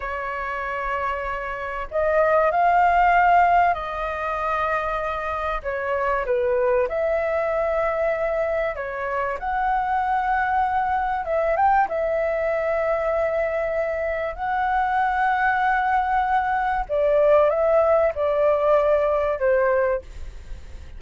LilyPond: \new Staff \with { instrumentName = "flute" } { \time 4/4 \tempo 4 = 96 cis''2. dis''4 | f''2 dis''2~ | dis''4 cis''4 b'4 e''4~ | e''2 cis''4 fis''4~ |
fis''2 e''8 g''8 e''4~ | e''2. fis''4~ | fis''2. d''4 | e''4 d''2 c''4 | }